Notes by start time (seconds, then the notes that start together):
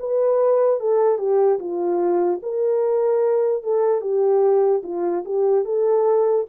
0.00 B4
0.81 A4
1.19 G4
1.60 F4
2.43 A#4
3.64 A4
4.01 G4
4.84 F4
5.25 G4
5.65 A4